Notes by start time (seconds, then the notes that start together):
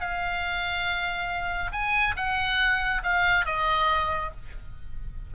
0.00 F5
1.72 G#5
2.16 F#5
3.03 F5
3.45 D#5